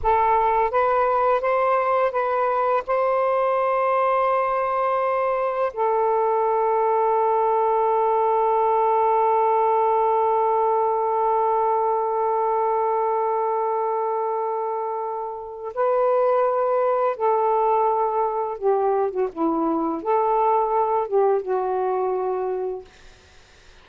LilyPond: \new Staff \with { instrumentName = "saxophone" } { \time 4/4 \tempo 4 = 84 a'4 b'4 c''4 b'4 | c''1 | a'1~ | a'1~ |
a'1~ | a'2 b'2 | a'2 g'8. fis'16 e'4 | a'4. g'8 fis'2 | }